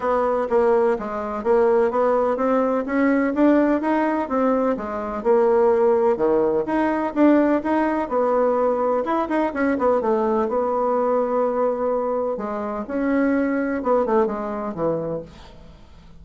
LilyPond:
\new Staff \with { instrumentName = "bassoon" } { \time 4/4 \tempo 4 = 126 b4 ais4 gis4 ais4 | b4 c'4 cis'4 d'4 | dis'4 c'4 gis4 ais4~ | ais4 dis4 dis'4 d'4 |
dis'4 b2 e'8 dis'8 | cis'8 b8 a4 b2~ | b2 gis4 cis'4~ | cis'4 b8 a8 gis4 e4 | }